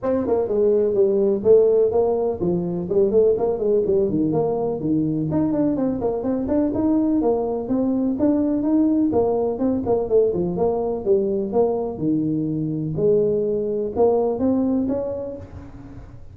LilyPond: \new Staff \with { instrumentName = "tuba" } { \time 4/4 \tempo 4 = 125 c'8 ais8 gis4 g4 a4 | ais4 f4 g8 a8 ais8 gis8 | g8 dis8 ais4 dis4 dis'8 d'8 | c'8 ais8 c'8 d'8 dis'4 ais4 |
c'4 d'4 dis'4 ais4 | c'8 ais8 a8 f8 ais4 g4 | ais4 dis2 gis4~ | gis4 ais4 c'4 cis'4 | }